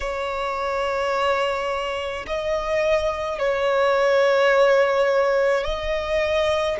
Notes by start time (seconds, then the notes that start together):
0.00 C#5
2.26 D#5
3.38 C#5
5.63 D#5